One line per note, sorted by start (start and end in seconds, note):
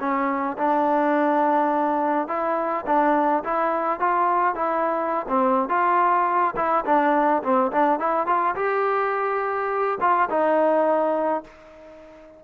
0.00 0.57 C#4
0.58 2.28 D4
2.28 2.85 E4
2.86 3.43 D4
3.44 4.00 E4
4.00 4.55 F4
4.55 5.26 E4
5.29 5.69 C4
5.69 6.55 F4
6.56 6.85 E4
6.85 7.43 D4
7.43 7.71 C4
7.72 7.99 D4
7.99 8.26 E4
8.26 8.55 F4
8.56 9.98 G4
10.01 10.29 F4
10.30 11.44 D#4